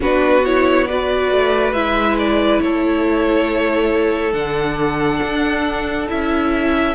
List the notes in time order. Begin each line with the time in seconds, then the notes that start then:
0.00 B3 D4 F#4 B4
0.44 E4 C#5
0.87 F#4 B4 D5
1.31 A3
1.72 G#3 E4 E5
2.18 D5
2.60 A3 A4 C#5
4.32 D3 D4 F#5
5.22 D4
6.07 C#4 E4 E5